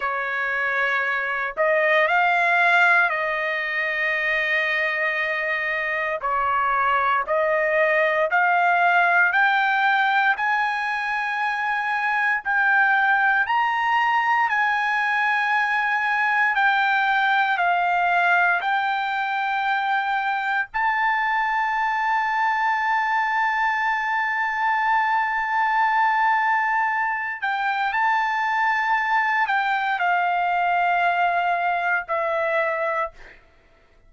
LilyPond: \new Staff \with { instrumentName = "trumpet" } { \time 4/4 \tempo 4 = 58 cis''4. dis''8 f''4 dis''4~ | dis''2 cis''4 dis''4 | f''4 g''4 gis''2 | g''4 ais''4 gis''2 |
g''4 f''4 g''2 | a''1~ | a''2~ a''8 g''8 a''4~ | a''8 g''8 f''2 e''4 | }